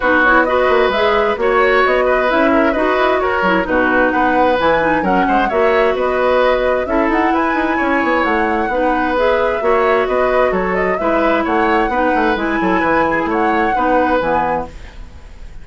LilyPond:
<<
  \new Staff \with { instrumentName = "flute" } { \time 4/4 \tempo 4 = 131 b'8 cis''8 dis''4 e''4 cis''4 | dis''4 e''4 dis''4 cis''4 | b'4 fis''4 gis''4 fis''4 | e''4 dis''2 e''8 fis''8 |
gis''2 fis''2 | e''2 dis''4 cis''8 dis''8 | e''4 fis''2 gis''4~ | gis''4 fis''2 gis''4 | }
  \new Staff \with { instrumentName = "oboe" } { \time 4/4 fis'4 b'2 cis''4~ | cis''8 b'4 ais'8 b'4 ais'4 | fis'4 b'2 ais'8 c''8 | cis''4 b'2 a'4 |
b'4 cis''2 b'4~ | b'4 cis''4 b'4 a'4 | b'4 cis''4 b'4. a'8 | b'8 gis'8 cis''4 b'2 | }
  \new Staff \with { instrumentName = "clarinet" } { \time 4/4 dis'8 e'8 fis'4 gis'4 fis'4~ | fis'4 e'4 fis'4. e'8 | dis'2 e'8 dis'8 cis'4 | fis'2. e'4~ |
e'2. dis'4 | gis'4 fis'2. | e'2 dis'4 e'4~ | e'2 dis'4 b4 | }
  \new Staff \with { instrumentName = "bassoon" } { \time 4/4 b4. ais8 gis4 ais4 | b4 cis'4 dis'8 e'8 fis'8 fis8 | b,4 b4 e4 fis8 gis8 | ais4 b2 cis'8 dis'8 |
e'8 dis'8 cis'8 b8 a4 b4~ | b4 ais4 b4 fis4 | gis4 a4 b8 a8 gis8 fis8 | e4 a4 b4 e4 | }
>>